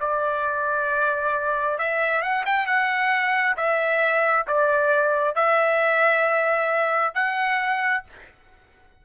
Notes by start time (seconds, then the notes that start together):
0.00 D5
1.78 E5
2.22 F#5
2.45 G5
2.66 F#5
3.57 E5
4.47 D5
5.35 E5
7.14 F#5